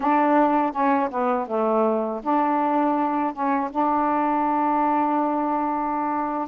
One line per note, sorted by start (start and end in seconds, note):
0.00 0.72 D4
0.72 1.09 C#4
1.10 1.47 B3
1.47 2.21 A3
2.23 3.33 D4
3.33 3.70 C#4
3.70 6.48 D4